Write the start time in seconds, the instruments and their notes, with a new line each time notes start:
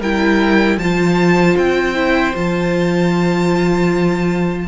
0.00 cello G3, viola E4, violin A#4 G5
0.78 cello F3, viola F4, violin C5 A5
1.58 cello C4, violin G5
1.95 viola E4
2.35 cello F3, viola F4, violin A5